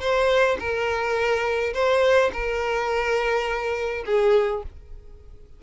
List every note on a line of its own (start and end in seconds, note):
0.00 0.57 C5
0.59 1.73 A#4
1.74 2.31 C5
2.33 4.04 A#4
4.05 4.63 G#4